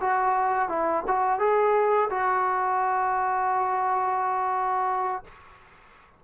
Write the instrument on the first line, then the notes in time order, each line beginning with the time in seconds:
trombone
0.00 F#4
0.68 E4
1.07 F#4
1.39 G#4
2.10 F#4